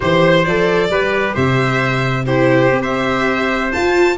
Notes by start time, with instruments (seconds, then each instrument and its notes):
0.00 tuba E3, viola G4, trumpet C5, violin C5
0.44 tuba F3, viola A4, violin D5
0.89 tuba G3, viola G4, trumpet B4
1.34 tuba C3, trumpet C5, violin E5
2.25 viola E4, trumpet G4, violin C5
2.71 tuba C4, viola G4
2.81 trumpet C5, violin E5
3.71 viola F4, tuba F4, violin A5